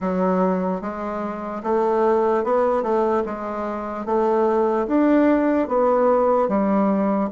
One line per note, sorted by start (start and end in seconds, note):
0.00 0.81 F#3
0.81 1.62 G#3
1.63 2.44 A3
2.44 2.82 B3
2.82 3.23 A3
3.25 4.05 G#3
4.05 4.86 A3
4.87 5.68 D4
5.68 6.48 B3
6.48 7.29 G3